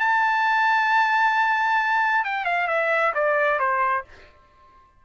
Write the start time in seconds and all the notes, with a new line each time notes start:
0.00 A5
2.25 G5
2.45 F5
2.68 E5
3.15 D5
3.60 C5